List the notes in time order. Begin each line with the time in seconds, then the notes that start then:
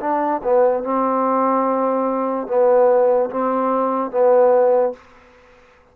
0.00 D4
0.43 B3
0.83 C4
2.47 B3
3.30 C4
4.11 B3